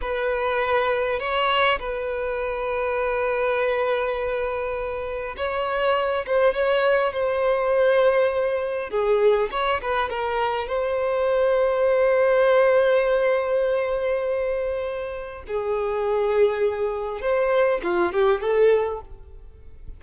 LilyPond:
\new Staff \with { instrumentName = "violin" } { \time 4/4 \tempo 4 = 101 b'2 cis''4 b'4~ | b'1~ | b'4 cis''4. c''8 cis''4 | c''2. gis'4 |
cis''8 b'8 ais'4 c''2~ | c''1~ | c''2 gis'2~ | gis'4 c''4 f'8 g'8 a'4 | }